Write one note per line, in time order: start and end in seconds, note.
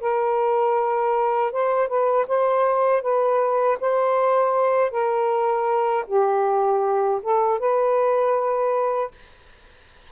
0.00 1.52 A#4
1.52 1.88 C5
1.88 2.26 B4
2.27 3.01 C5
3.01 3.77 B4
3.80 4.90 C5
4.90 6.04 A#4
6.07 7.20 G4
7.22 7.59 A4
7.59 9.11 B4